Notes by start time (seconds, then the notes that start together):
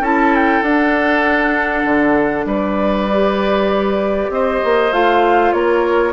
0.00 C#4 E4 A4 A5
0.35 G5
0.62 D4 F#5
1.85 D3
2.45 G3 B4 D5
3.11 G4
4.30 C4 C5 D#5
4.64 A#3
4.92 A3 F4 F5
5.52 A#3 A#4 C#5